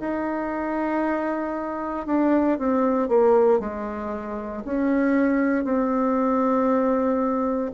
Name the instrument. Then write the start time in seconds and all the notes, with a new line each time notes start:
bassoon
0.00 D#4
2.06 D4
2.58 C4
3.08 A#3
3.60 G#3
4.65 C#4
5.64 C4